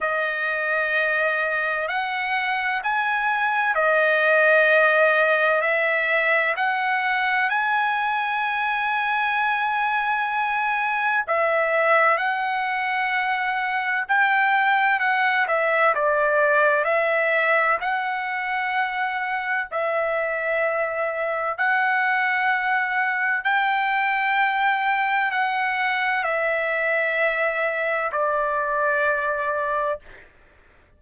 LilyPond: \new Staff \with { instrumentName = "trumpet" } { \time 4/4 \tempo 4 = 64 dis''2 fis''4 gis''4 | dis''2 e''4 fis''4 | gis''1 | e''4 fis''2 g''4 |
fis''8 e''8 d''4 e''4 fis''4~ | fis''4 e''2 fis''4~ | fis''4 g''2 fis''4 | e''2 d''2 | }